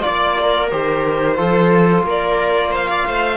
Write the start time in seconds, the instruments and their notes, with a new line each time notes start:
0.00 trombone F4, violin D5, viola D5
0.07 cello A#3
0.40 viola A#4
0.70 cello D#3, trombone G4, violin C5
1.36 cello F3, trombone F4, viola A4
2.02 cello A#3, viola A#4
2.09 violin D5
2.71 viola C5, violin F5
2.90 viola D5
3.06 cello A3, viola C5